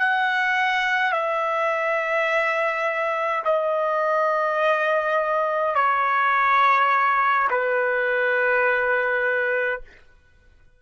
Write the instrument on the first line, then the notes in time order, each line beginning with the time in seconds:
trumpet
0.00 F#5
1.13 E5
3.45 D#5
5.76 C#5
7.51 B4